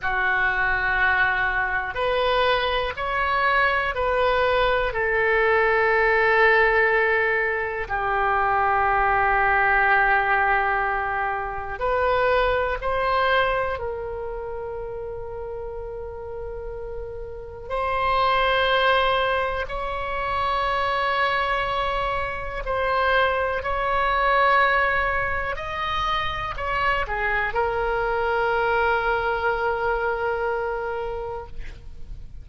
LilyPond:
\new Staff \with { instrumentName = "oboe" } { \time 4/4 \tempo 4 = 61 fis'2 b'4 cis''4 | b'4 a'2. | g'1 | b'4 c''4 ais'2~ |
ais'2 c''2 | cis''2. c''4 | cis''2 dis''4 cis''8 gis'8 | ais'1 | }